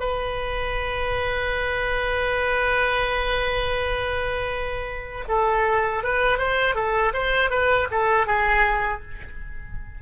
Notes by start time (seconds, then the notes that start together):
0.00 B4
5.29 A4
6.04 B4
6.39 C5
6.75 A4
7.14 C5
7.51 B4
7.91 A4
8.27 G#4